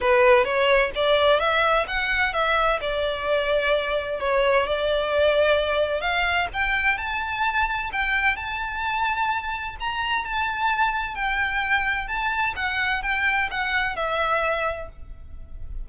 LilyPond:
\new Staff \with { instrumentName = "violin" } { \time 4/4 \tempo 4 = 129 b'4 cis''4 d''4 e''4 | fis''4 e''4 d''2~ | d''4 cis''4 d''2~ | d''4 f''4 g''4 a''4~ |
a''4 g''4 a''2~ | a''4 ais''4 a''2 | g''2 a''4 fis''4 | g''4 fis''4 e''2 | }